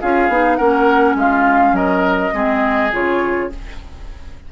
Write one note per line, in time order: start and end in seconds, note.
0.00 0.28 C#4
0.00 0.30 F4
0.00 0.57 G#4
0.00 0.55 F5
0.28 0.57 B3
0.28 0.59 D#4
0.55 1.14 A#3
0.55 2.32 C#4
0.55 1.15 A#4
0.55 1.14 F#5
1.14 1.72 G#3
1.14 1.75 F4
1.14 1.75 F5
1.72 2.30 F#3
1.72 2.33 A#4
1.72 2.92 D#5
2.32 2.91 G#3
2.32 2.91 C4
2.32 3.50 G#4
2.92 3.51 C#3
2.92 3.50 F4
2.92 3.51 C#5